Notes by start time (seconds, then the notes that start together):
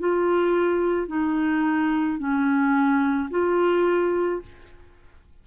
0.00 F4
1.08 D#4
2.19 C#4
3.31 F4